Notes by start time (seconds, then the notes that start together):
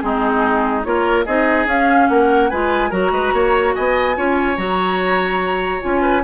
0.00 G#3 C4 D#4 G#4
0.84 A#3 F4 A#4 C#5
1.25 C4 D#4 G#4 D#5
1.66 C#4 F5
2.09 A#3 A#4 F#5
2.50 G#3 F4 B4 G#5
2.90 F#3 F#4 A#4 A#5
3.12 G#3 B4
3.33 A#3 C#5
3.75 B3 D#5 G#5
4.15 C#4 F4 C#5
4.57 F#3 F#4 A#5
5.81 C#4 F4 G#5
6.01 B4